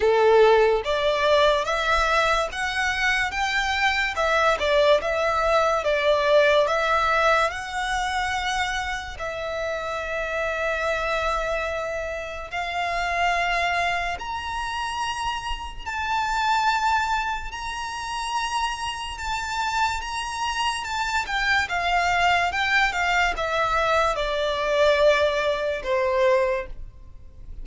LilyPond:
\new Staff \with { instrumentName = "violin" } { \time 4/4 \tempo 4 = 72 a'4 d''4 e''4 fis''4 | g''4 e''8 d''8 e''4 d''4 | e''4 fis''2 e''4~ | e''2. f''4~ |
f''4 ais''2 a''4~ | a''4 ais''2 a''4 | ais''4 a''8 g''8 f''4 g''8 f''8 | e''4 d''2 c''4 | }